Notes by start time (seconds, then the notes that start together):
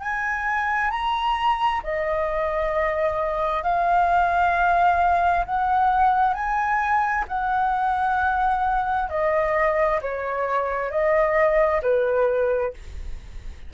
0.00 G#5
0.90 A#5
1.83 D#5
3.63 F5
5.45 F#5
6.33 G#5
7.28 F#5
9.09 D#5
10.01 C#5
10.90 D#5
11.82 B4